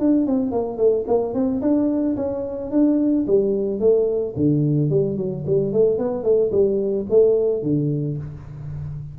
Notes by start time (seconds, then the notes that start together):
0.00 D4
0.27 C4
0.52 A#3
0.78 A3
1.08 A#3
1.34 C4
1.62 D4
2.17 C#4
2.71 D4
3.27 G3
3.80 A3
4.37 D3
4.90 G3
5.17 F#3
5.47 G3
5.73 A3
5.99 B3
6.24 A3
6.52 G3
7.10 A3
7.63 D3